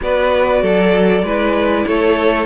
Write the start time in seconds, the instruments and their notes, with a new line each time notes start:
0.01 cello B3, viola F#4, violin B4 D5
0.62 cello F#3, violin A4
1.22 cello G#3, viola E4, violin B4
1.86 cello A3, violin A4 C#5